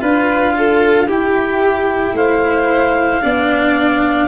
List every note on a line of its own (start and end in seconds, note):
0.00 1.08 D4
0.00 1.07 F4
0.00 0.55 B4
0.00 1.08 F5
0.58 1.07 A4
1.07 2.13 E4
1.07 3.21 E4
1.07 2.15 G4
1.07 2.16 G5
2.13 3.20 A3
2.13 3.22 C5
2.13 4.28 F5
3.21 4.28 B3
3.21 4.28 D4
3.21 4.28 D5